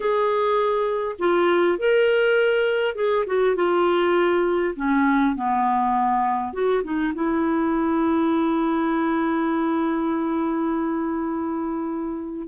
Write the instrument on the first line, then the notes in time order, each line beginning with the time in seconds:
clarinet
0.00 G#4
1.19 F4
1.78 A#4
2.95 G#4
3.26 F#4
3.55 F4
4.76 C#4
5.35 B3
6.53 F#4
6.83 D#4
7.14 E4